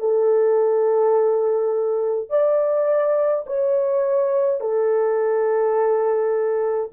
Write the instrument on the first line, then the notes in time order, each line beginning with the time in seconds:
horn
0.00 A4
2.30 D5
3.47 C#5
4.61 A4